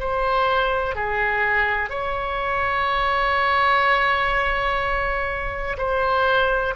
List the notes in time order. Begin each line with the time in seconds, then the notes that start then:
0.00 C5
0.95 G#4
1.90 C#5
5.78 C5